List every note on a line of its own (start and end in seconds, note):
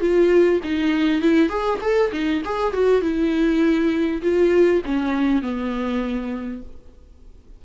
0.00 0.60 F4
0.63 1.21 D#4
1.21 1.49 E4
1.49 1.79 G#4
1.81 2.11 A4
2.12 2.42 D#4
2.44 2.73 G#4
2.73 3.02 F#4
3.02 4.22 E4
4.22 4.82 F4
4.85 5.42 C#4
5.42 6.62 B3